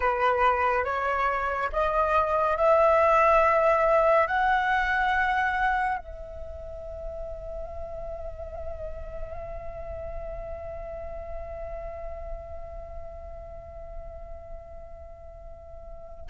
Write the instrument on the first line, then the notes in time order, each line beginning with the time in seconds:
flute
0.00 B4
0.84 C#5
1.72 D#5
2.56 E5
4.27 F#5
5.98 E5